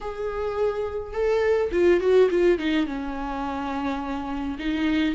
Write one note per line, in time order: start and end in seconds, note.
0.00 1.13 G#4
1.13 1.70 A4
1.71 2.00 F4
2.00 2.29 F#4
2.30 2.58 F4
2.58 2.86 D#4
2.86 4.58 C#4
4.58 5.14 D#4